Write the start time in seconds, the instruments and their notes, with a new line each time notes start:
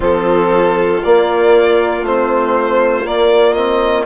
0.00 bassoon F3, trombone C4, violin F4 A4
1.03 trombone A#3, bassoon A#3, violin D5
2.01 bassoon A3, trombone C4, violin C5
3.04 trombone A#3, bassoon A#3, violin D5
3.53 trombone C4, violin D#5